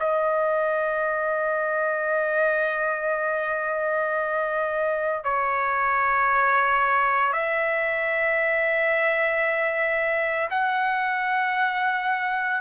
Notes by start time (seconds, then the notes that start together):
0.00 D#5
5.25 C#5
7.33 E5
10.51 F#5